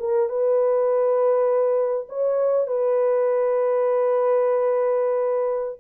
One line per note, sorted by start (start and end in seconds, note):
0.00 0.29 A#4
0.29 2.08 B4
2.09 2.68 C#5
2.68 5.79 B4